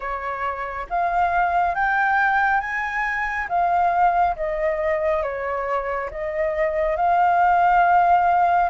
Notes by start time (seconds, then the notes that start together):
0.00 C#5
0.89 F5
1.74 G5
2.60 G#5
3.48 F5
4.36 D#5
5.22 C#5
6.11 D#5
6.96 F5